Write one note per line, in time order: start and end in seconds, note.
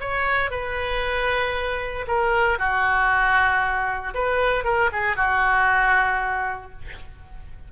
0.00 0.50 C#5
0.50 2.05 B4
2.07 2.58 A#4
2.58 4.14 F#4
4.14 4.64 B4
4.64 4.90 A#4
4.92 5.16 G#4
5.16 6.71 F#4